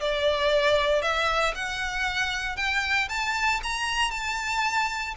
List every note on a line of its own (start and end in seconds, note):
0.00 1.02 D5
1.02 1.54 E5
1.54 2.56 F#5
2.56 3.08 G5
3.08 3.60 A5
3.63 4.11 A#5
4.11 5.14 A5